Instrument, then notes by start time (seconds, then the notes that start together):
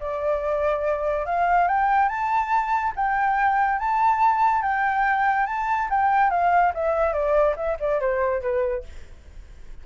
flute
0.00 D5
1.26 F5
1.68 G5
2.08 A5
2.96 G5
3.79 A5
4.62 G5
5.46 A5
5.90 G5
6.30 F5
6.74 E5
7.13 D5
7.56 E5
7.80 D5
8.00 C5
8.41 B4